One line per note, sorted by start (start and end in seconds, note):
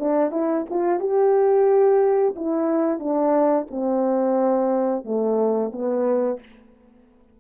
0.00 0.32 D4
0.32 0.65 E4
0.70 1.01 F4
1.01 2.35 G4
2.36 3.00 E4
3.00 3.67 D4
3.71 5.05 C4
5.05 5.72 A3
5.72 6.40 B3